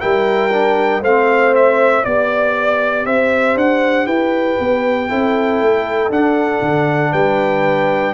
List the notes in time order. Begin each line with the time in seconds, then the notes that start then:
0.00 G3 E4 A#4 G5
0.52 D4
1.01 A3 C4 C5 F5
1.56 E5
2.03 B3 G4 D5
3.06 C4 C5 E5
3.56 D4 F#5
4.07 E4 B4 G5
4.60 B3
5.09 C4 E4 A4
5.62 A3
6.10 D4 F#5
6.62 D3
7.12 G3 B4 G5